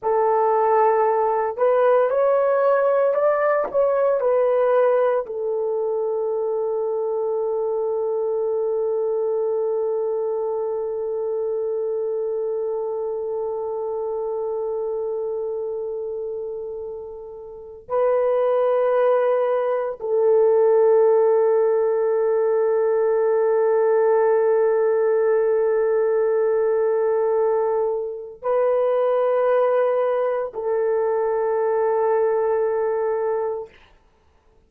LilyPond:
\new Staff \with { instrumentName = "horn" } { \time 4/4 \tempo 4 = 57 a'4. b'8 cis''4 d''8 cis''8 | b'4 a'2.~ | a'1~ | a'1~ |
a'4 b'2 a'4~ | a'1~ | a'2. b'4~ | b'4 a'2. | }